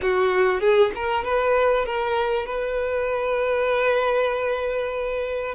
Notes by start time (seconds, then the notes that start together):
0.01 F#4
0.60 G#4
0.95 A#4
1.24 B4
1.85 A#4
2.46 B4